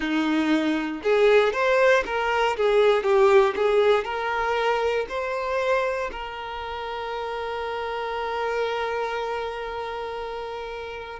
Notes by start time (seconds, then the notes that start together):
0.00 D#4
1.03 G#4
1.53 C5
2.05 A#4
2.57 G#4
3.03 G4
3.56 G#4
4.04 A#4
5.08 C5
6.11 A#4